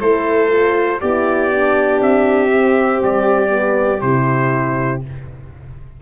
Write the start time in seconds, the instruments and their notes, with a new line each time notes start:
0.00 tuba A3, horn E4, violin A4, trumpet C5
0.48 horn F4
1.00 tuba B3, horn E4, violin G4, trumpet D5
1.51 horn D4
2.01 tuba C4, trumpet E5
2.52 horn C4
3.03 tuba G3, trumpet D5
3.49 horn B3
4.01 tuba C3, horn E4, trumpet C5